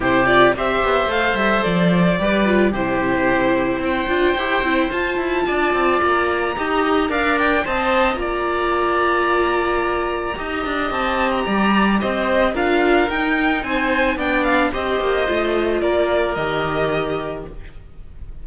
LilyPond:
<<
  \new Staff \with { instrumentName = "violin" } { \time 4/4 \tempo 4 = 110 c''8 d''8 e''4 f''8 e''8 d''4~ | d''4 c''2 g''4~ | g''4 a''2 ais''4~ | ais''4 f''8 g''8 a''4 ais''4~ |
ais''1 | a''8. ais''4~ ais''16 dis''4 f''4 | g''4 gis''4 g''8 f''8 dis''4~ | dis''4 d''4 dis''2 | }
  \new Staff \with { instrumentName = "oboe" } { \time 4/4 g'4 c''2. | b'4 g'2 c''4~ | c''2 d''2 | dis''4 d''4 dis''4 d''4~ |
d''2. dis''4~ | dis''4 d''4 c''4 ais'4~ | ais'4 c''4 d''4 c''4~ | c''4 ais'2. | }
  \new Staff \with { instrumentName = "viola" } { \time 4/4 e'8 f'8 g'4 a'2 | g'8 f'8 e'2~ e'8 f'8 | g'8 e'8 f'2. | g'4 ais'4 c''4 f'4~ |
f'2. g'4~ | g'2. f'4 | dis'2 d'4 g'4 | f'2 g'2 | }
  \new Staff \with { instrumentName = "cello" } { \time 4/4 c4 c'8 b8 a8 g8 f4 | g4 c2 c'8 d'8 | e'8 c'8 f'8 e'8 d'8 c'8 ais4 | dis'4 d'4 c'4 ais4~ |
ais2. dis'8 d'8 | c'4 g4 c'4 d'4 | dis'4 c'4 b4 c'8 ais8 | a4 ais4 dis2 | }
>>